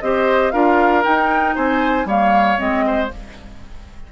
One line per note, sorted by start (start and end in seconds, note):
0.00 0.53 C4
0.00 0.53 G4
0.00 0.53 C5
0.00 0.51 D#5
0.51 1.05 D4
0.51 1.03 F4
0.51 1.55 A#4
0.51 1.03 F5
1.03 2.06 D#4
1.03 1.57 D#4
1.03 1.56 G5
1.55 2.05 C4
1.55 2.07 C5
1.55 2.08 G#5
2.05 2.57 G3
2.05 2.57 A#3
2.05 2.85 C#5
2.05 2.59 F5
2.57 3.12 G#3
2.57 3.08 C4
2.57 3.11 D#5
2.86 3.12 C5